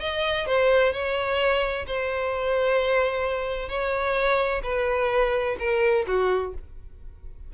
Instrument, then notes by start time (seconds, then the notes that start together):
violin
0.00 D#5
0.46 C5
0.92 C#5
1.86 C5
3.68 C#5
4.63 B4
5.59 A#4
6.07 F#4